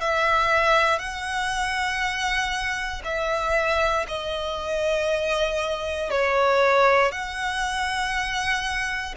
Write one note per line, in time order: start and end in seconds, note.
0.00 0.98 E5
0.98 3.02 F#5
3.04 4.06 E5
4.08 6.10 D#5
6.10 7.11 C#5
7.11 9.15 F#5